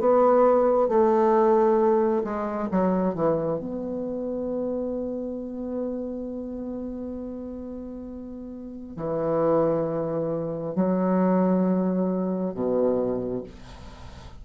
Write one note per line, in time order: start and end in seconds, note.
0.00 0.89 B3
0.89 2.23 A3
2.24 2.69 G#3
2.72 3.15 F#3
3.15 3.59 E3
3.59 8.97 B3
8.97 10.75 E3
10.75 12.55 F#3
12.55 13.44 B2